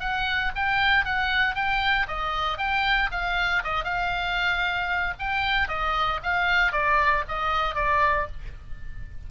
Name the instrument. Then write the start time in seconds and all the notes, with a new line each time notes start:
oboe
0.00 F#5
0.56 G5
1.05 F#5
1.55 G5
2.08 D#5
2.58 G5
3.12 F5
3.64 D#5
3.85 F5
5.19 G5
5.68 D#5
6.23 F5
6.72 D5
7.28 D#5
7.75 D5